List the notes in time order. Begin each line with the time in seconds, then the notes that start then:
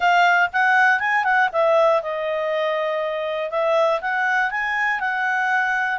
0.00 F5
0.52 F#5
0.99 G#5
1.24 F#5
1.52 E5
2.02 D#5
3.50 E5
4.01 F#5
4.50 G#5
5.00 F#5